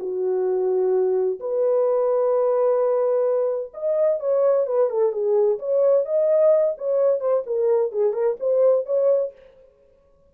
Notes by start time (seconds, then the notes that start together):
0.00 F#4
1.40 B4
3.74 D#5
4.20 C#5
4.67 B4
4.90 A4
5.12 G#4
5.59 C#5
6.05 D#5
6.78 C#5
7.21 C5
7.47 A#4
7.92 G#4
8.14 A#4
8.40 C5
8.86 C#5